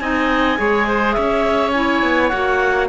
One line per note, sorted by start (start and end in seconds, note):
0.00 0.59 C4
0.00 0.57 D#4
0.00 0.59 D#5
0.00 1.13 G#5
0.57 1.17 G#3
0.57 1.73 G#4
0.57 0.88 C#5
0.88 1.16 C5
1.13 2.03 C#4
1.13 2.89 C#5
1.13 1.71 E5
1.72 2.33 E4
1.72 2.29 G#5
2.03 2.32 B3
2.29 2.89 A#3
2.29 2.89 F#4
2.29 2.87 F#5